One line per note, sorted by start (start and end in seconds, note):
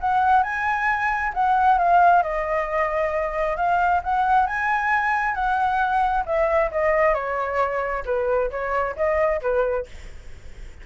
0.00 0.43 F#5
0.43 1.32 G#5
1.34 1.78 F#5
1.78 2.22 F5
2.22 3.56 D#5
3.56 4.01 F5
4.03 4.46 F#5
4.46 5.34 G#5
5.34 6.24 F#5
6.26 6.70 E5
6.71 7.14 D#5
7.14 8.04 C#5
8.05 8.50 B4
8.50 8.95 C#5
8.96 9.41 D#5
9.41 9.86 B4